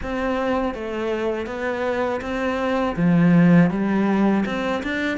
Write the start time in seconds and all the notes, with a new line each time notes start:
0.02 C4
0.74 A3
1.46 B3
2.21 C4
2.96 F3
3.70 G3
4.45 C4
4.83 D4